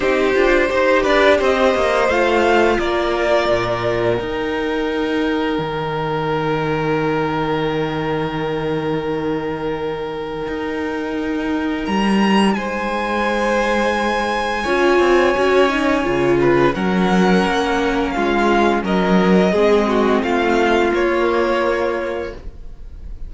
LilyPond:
<<
  \new Staff \with { instrumentName = "violin" } { \time 4/4 \tempo 4 = 86 c''4. d''8 dis''4 f''4 | d''2 g''2~ | g''1~ | g''1~ |
g''4 ais''4 gis''2~ | gis''1 | fis''2 f''4 dis''4~ | dis''4 f''4 cis''2 | }
  \new Staff \with { instrumentName = "violin" } { \time 4/4 g'4 c''8 b'8 c''2 | ais'1~ | ais'1~ | ais'1~ |
ais'2 c''2~ | c''4 cis''2~ cis''8 b'8 | ais'2 f'4 ais'4 | gis'8 fis'8 f'2. | }
  \new Staff \with { instrumentName = "viola" } { \time 4/4 dis'8 f'8 g'2 f'4~ | f'2 dis'2~ | dis'1~ | dis'1~ |
dis'1~ | dis'4 f'4 fis'8 dis'8 f'4 | cis'1 | c'2 ais2 | }
  \new Staff \with { instrumentName = "cello" } { \time 4/4 c'8 d'8 dis'8 d'8 c'8 ais8 a4 | ais4 ais,4 dis'2 | dis1~ | dis2. dis'4~ |
dis'4 g4 gis2~ | gis4 cis'8 c'8 cis'4 cis4 | fis4 ais4 gis4 fis4 | gis4 a4 ais2 | }
>>